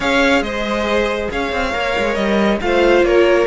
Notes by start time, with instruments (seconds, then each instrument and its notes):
0.00 cello C#4, viola G#4, violin C#5 F5
0.41 cello G#3, violin C5 D#5
1.30 cello C#4, violin C#5 F5
1.51 cello C4
1.72 cello A#3, viola A#4
1.98 cello G#3
2.14 cello G3, violin D#5
2.61 cello A3, viola F4, violin C5 F5
3.02 cello A#3, violin A#4 C#5